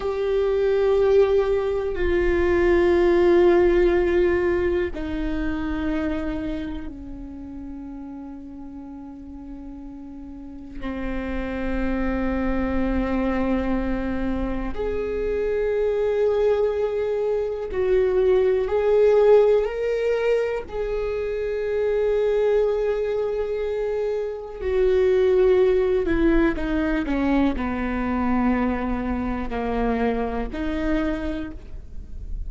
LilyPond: \new Staff \with { instrumentName = "viola" } { \time 4/4 \tempo 4 = 61 g'2 f'2~ | f'4 dis'2 cis'4~ | cis'2. c'4~ | c'2. gis'4~ |
gis'2 fis'4 gis'4 | ais'4 gis'2.~ | gis'4 fis'4. e'8 dis'8 cis'8 | b2 ais4 dis'4 | }